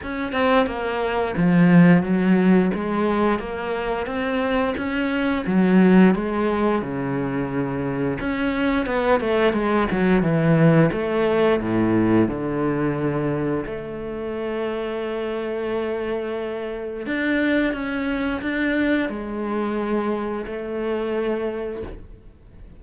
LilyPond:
\new Staff \with { instrumentName = "cello" } { \time 4/4 \tempo 4 = 88 cis'8 c'8 ais4 f4 fis4 | gis4 ais4 c'4 cis'4 | fis4 gis4 cis2 | cis'4 b8 a8 gis8 fis8 e4 |
a4 a,4 d2 | a1~ | a4 d'4 cis'4 d'4 | gis2 a2 | }